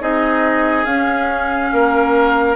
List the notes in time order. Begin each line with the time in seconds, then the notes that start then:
0.00 C4 D#4 G#4 D#5
0.85 C#4 F5
1.72 A#3 A#4